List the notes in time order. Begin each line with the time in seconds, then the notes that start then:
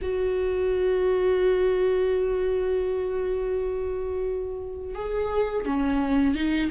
0.01 F#4
4.94 G#4
5.65 C#4
6.35 D#4